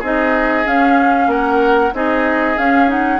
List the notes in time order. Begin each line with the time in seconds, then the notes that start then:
0.00 C4 D#4 G#4 D#5
0.65 C#4 F5
1.28 A#3 A#4 F#5
1.94 C4 D#4 G#4 D#5
2.58 C#4 F5
2.88 D#4 F#5